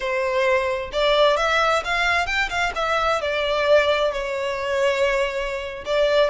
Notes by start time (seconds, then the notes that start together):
0.00 C5
0.92 D5
1.36 E5
1.84 F5
2.26 G5
2.49 F5
2.75 E5
3.21 D5
4.12 C#5
5.85 D5